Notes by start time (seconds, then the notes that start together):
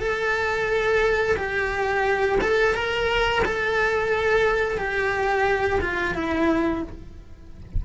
0.00 A4
1.37 G4
2.41 A4
2.75 A#4
3.45 A4
4.78 G4
5.81 F4
6.15 E4